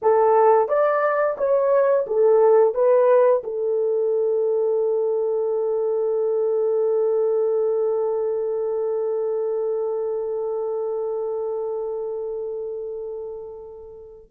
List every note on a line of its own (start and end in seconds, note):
0.02 0.68 A4
0.68 1.36 D5
1.37 2.05 C#5
2.06 2.74 A4
2.74 3.42 B4
3.43 14.31 A4